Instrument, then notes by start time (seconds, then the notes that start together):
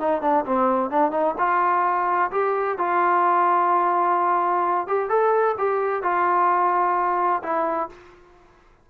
trombone
0.00 D#4
0.21 D4
0.45 C4
0.90 D4
1.11 D#4
1.38 F4
2.31 G4
2.78 F4
4.87 G4
5.09 A4
5.58 G4
6.03 F4
7.43 E4